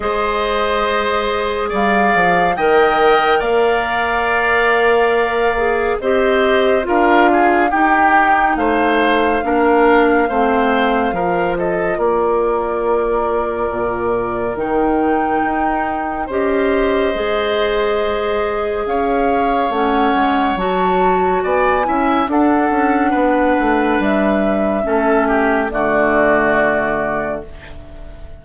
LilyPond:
<<
  \new Staff \with { instrumentName = "flute" } { \time 4/4 \tempo 4 = 70 dis''2 f''4 g''4 | f''2. dis''4 | f''4 g''4 f''2~ | f''4. dis''8 d''2~ |
d''4 g''2 dis''4~ | dis''2 f''4 fis''4 | a''4 gis''4 fis''2 | e''2 d''2 | }
  \new Staff \with { instrumentName = "oboe" } { \time 4/4 c''2 d''4 dis''4 | d''2. c''4 | ais'8 gis'8 g'4 c''4 ais'4 | c''4 ais'8 a'8 ais'2~ |
ais'2. c''4~ | c''2 cis''2~ | cis''4 d''8 e''8 a'4 b'4~ | b'4 a'8 g'8 fis'2 | }
  \new Staff \with { instrumentName = "clarinet" } { \time 4/4 gis'2. ais'4~ | ais'2~ ais'8 gis'8 g'4 | f'4 dis'2 d'4 | c'4 f'2.~ |
f'4 dis'2 g'4 | gis'2. cis'4 | fis'4. e'8 d'2~ | d'4 cis'4 a2 | }
  \new Staff \with { instrumentName = "bassoon" } { \time 4/4 gis2 g8 f8 dis4 | ais2. c'4 | d'4 dis'4 a4 ais4 | a4 f4 ais2 |
ais,4 dis4 dis'4 cis'4 | gis2 cis'4 a8 gis8 | fis4 b8 cis'8 d'8 cis'8 b8 a8 | g4 a4 d2 | }
>>